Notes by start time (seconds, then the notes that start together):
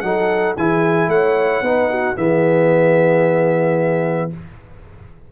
0.00 F#3 D#4 A4 F#5
0.56 E3 E4 G#4 G#5
1.07 A3 C#5 F#5
1.61 B3 D#4 B4
1.90 F#4
2.16 E3 B3 G#4 E5